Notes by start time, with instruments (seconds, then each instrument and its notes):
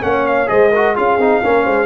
0.00 tuba A#3, trombone C#4, trumpet F#5
0.06 horn C#5
0.26 trumpet F5
0.46 tuba G#3, trombone G#4, horn C5, trumpet D#5
0.71 trombone F#4, horn A#4
0.96 tuba C#4, trombone F4, horn G#4, trumpet F5
1.17 tuba C4, trombone D#4
1.43 tuba A#3, trombone C#4, horn A#4
1.64 tuba G#3, horn C5